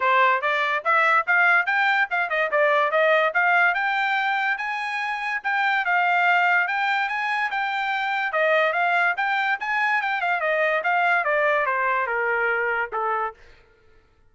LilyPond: \new Staff \with { instrumentName = "trumpet" } { \time 4/4 \tempo 4 = 144 c''4 d''4 e''4 f''4 | g''4 f''8 dis''8 d''4 dis''4 | f''4 g''2 gis''4~ | gis''4 g''4 f''2 |
g''4 gis''4 g''2 | dis''4 f''4 g''4 gis''4 | g''8 f''8 dis''4 f''4 d''4 | c''4 ais'2 a'4 | }